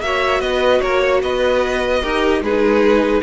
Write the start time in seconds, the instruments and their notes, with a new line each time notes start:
0.00 cello A#3, viola F#4, violin C#5 E5
0.40 cello B3, violin B4 D#5
0.81 cello A#3, violin A#4 C#5
1.02 violin C#5
1.22 cello B3, violin B4 D#5
2.02 cello D#4, viola G4, violin A#4
2.41 cello G#3, viola D#4, violin G#4 B4